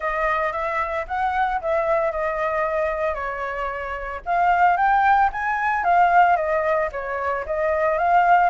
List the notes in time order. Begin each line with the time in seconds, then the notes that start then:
0.00 D#5
0.52 E5
1.07 F#5
1.61 E5
2.11 D#5
3.14 C#5
4.25 F5
4.76 G5
5.32 G#5
5.84 F5
6.36 D#5
6.91 C#5
7.46 D#5
7.98 F5